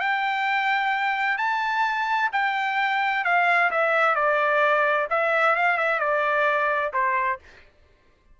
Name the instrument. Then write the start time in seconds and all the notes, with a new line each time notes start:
trumpet
0.00 G5
1.38 A5
2.32 G5
3.24 F5
3.70 E5
4.15 D5
5.10 E5
5.56 F5
5.77 E5
6.00 D5
6.93 C5